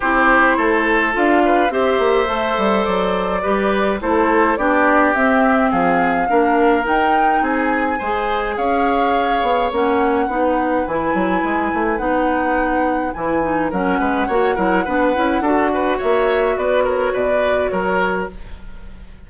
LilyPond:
<<
  \new Staff \with { instrumentName = "flute" } { \time 4/4 \tempo 4 = 105 c''2 f''4 e''4~ | e''4 d''2 c''4 | d''4 e''4 f''2 | g''4 gis''2 f''4~ |
f''4 fis''2 gis''4~ | gis''4 fis''2 gis''4 | fis''1 | e''4 d''8 cis''8 d''4 cis''4 | }
  \new Staff \with { instrumentName = "oboe" } { \time 4/4 g'4 a'4. b'8 c''4~ | c''2 b'4 a'4 | g'2 gis'4 ais'4~ | ais'4 gis'4 c''4 cis''4~ |
cis''2 b'2~ | b'1 | ais'8 b'8 cis''8 ais'8 b'4 a'8 b'8 | cis''4 b'8 ais'8 b'4 ais'4 | }
  \new Staff \with { instrumentName = "clarinet" } { \time 4/4 e'2 f'4 g'4 | a'2 g'4 e'4 | d'4 c'2 d'4 | dis'2 gis'2~ |
gis'4 cis'4 dis'4 e'4~ | e'4 dis'2 e'8 dis'8 | cis'4 fis'8 e'8 d'8 e'8 fis'4~ | fis'1 | }
  \new Staff \with { instrumentName = "bassoon" } { \time 4/4 c'4 a4 d'4 c'8 ais8 | a8 g8 fis4 g4 a4 | b4 c'4 f4 ais4 | dis'4 c'4 gis4 cis'4~ |
cis'8 b8 ais4 b4 e8 fis8 | gis8 a8 b2 e4 | fis8 gis8 ais8 fis8 b8 cis'8 d'4 | ais4 b4 b,4 fis4 | }
>>